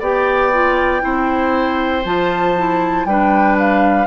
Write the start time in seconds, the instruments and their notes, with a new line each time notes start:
0.00 bassoon B3, clarinet G4, oboe D5, flute G5
0.53 clarinet F4
1.01 bassoon C4, clarinet E4, oboe C5
2.05 bassoon F3, clarinet F4, flute A5
2.57 clarinet E4
3.05 bassoon G3, clarinet D4, oboe B4, flute G5
3.59 flute F5